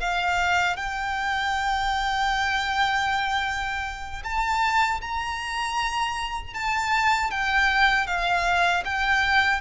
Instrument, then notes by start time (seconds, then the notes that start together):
violin
0.00 F5
0.77 G5
4.24 A5
5.01 A#5
6.54 A5
7.31 G5
8.07 F5
8.85 G5